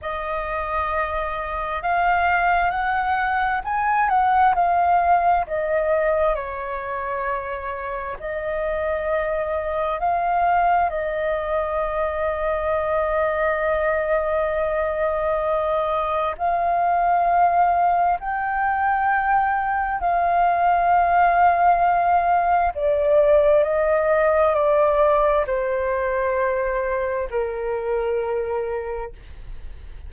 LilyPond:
\new Staff \with { instrumentName = "flute" } { \time 4/4 \tempo 4 = 66 dis''2 f''4 fis''4 | gis''8 fis''8 f''4 dis''4 cis''4~ | cis''4 dis''2 f''4 | dis''1~ |
dis''2 f''2 | g''2 f''2~ | f''4 d''4 dis''4 d''4 | c''2 ais'2 | }